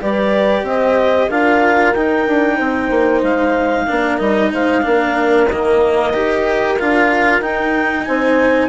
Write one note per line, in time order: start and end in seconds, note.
0.00 0.63 G3
0.00 1.30 G4
0.00 0.65 B4
0.00 0.66 D5
0.63 1.28 C4
0.63 1.29 C5
0.63 1.31 D#5
1.29 1.94 D4
1.29 1.96 F4
1.29 2.56 A#4
1.29 1.93 F5
1.93 2.27 D#4
1.93 3.87 D#4
1.93 3.22 G5
2.27 2.60 D4
2.56 2.90 C4
2.56 3.85 C5
2.90 3.23 A#3
3.23 3.87 G#3
3.23 4.19 F5
3.86 4.20 A#3
3.86 4.18 D4
3.86 4.51 A#4
4.18 4.52 G3
4.18 4.82 D#4
4.18 4.51 D#5
4.53 4.85 G#3
4.53 4.85 C5
4.53 5.49 F5
4.82 5.50 A#3
4.82 5.47 D4
4.82 8.07 A#4
5.49 6.14 D#3
5.49 6.13 A#3
5.49 6.78 D#5
6.13 6.79 D#4
6.13 6.78 G4
6.79 7.41 D4
6.79 7.42 F4
6.79 7.42 F5
7.41 8.05 D#4
7.41 8.69 D#4
7.41 8.05 G5
8.05 8.69 C4
8.05 8.69 C5
8.05 8.69 G#5